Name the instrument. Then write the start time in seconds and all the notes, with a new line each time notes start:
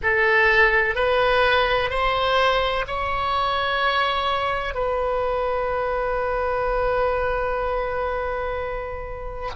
oboe
0.03 A4
0.95 B4
1.90 C5
2.87 C#5
4.74 B4